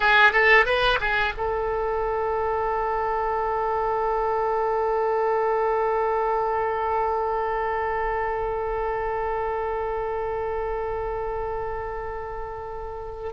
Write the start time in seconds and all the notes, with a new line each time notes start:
0.00 G#4
0.32 A4
0.65 B4
1.00 G#4
1.37 A4